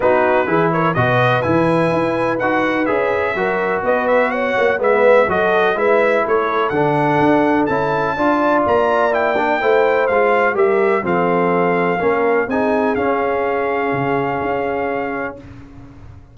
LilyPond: <<
  \new Staff \with { instrumentName = "trumpet" } { \time 4/4 \tempo 4 = 125 b'4. cis''8 dis''4 gis''4~ | gis''4 fis''4 e''2 | dis''8 e''8 fis''4 e''4 dis''4 | e''4 cis''4 fis''2 |
a''2 ais''4 g''4~ | g''4 f''4 e''4 f''4~ | f''2 gis''4 f''4~ | f''1 | }
  \new Staff \with { instrumentName = "horn" } { \time 4/4 fis'4 gis'8 ais'8 b'2~ | b'2. ais'4 | b'4 cis''4 b'4 a'4 | b'4 a'2.~ |
a'4 d''2. | c''2 ais'4 a'4~ | a'4 ais'4 gis'2~ | gis'1 | }
  \new Staff \with { instrumentName = "trombone" } { \time 4/4 dis'4 e'4 fis'4 e'4~ | e'4 fis'4 gis'4 fis'4~ | fis'2 b4 fis'4 | e'2 d'2 |
e'4 f'2 e'8 d'8 | e'4 f'4 g'4 c'4~ | c'4 cis'4 dis'4 cis'4~ | cis'1 | }
  \new Staff \with { instrumentName = "tuba" } { \time 4/4 b4 e4 b,4 e4 | e'4 dis'4 cis'4 fis4 | b4. ais8 gis4 fis4 | gis4 a4 d4 d'4 |
cis'4 d'4 ais2 | a4 gis4 g4 f4~ | f4 ais4 c'4 cis'4~ | cis'4 cis4 cis'2 | }
>>